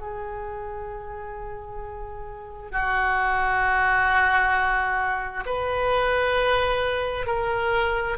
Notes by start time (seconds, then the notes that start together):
0.00 G#4
2.71 F#4
5.45 B4
7.26 A#4